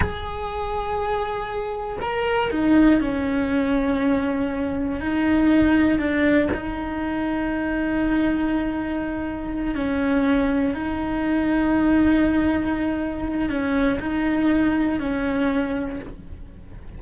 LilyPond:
\new Staff \with { instrumentName = "cello" } { \time 4/4 \tempo 4 = 120 gis'1 | ais'4 dis'4 cis'2~ | cis'2 dis'2 | d'4 dis'2.~ |
dis'2.~ dis'8 cis'8~ | cis'4. dis'2~ dis'8~ | dis'2. cis'4 | dis'2 cis'2 | }